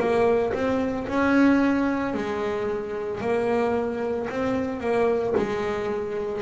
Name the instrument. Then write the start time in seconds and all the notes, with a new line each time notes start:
double bass
0.00 A#3
0.54 C4
1.08 C#4
2.14 G#3
3.22 A#3
4.31 C4
4.81 A#3
5.37 G#3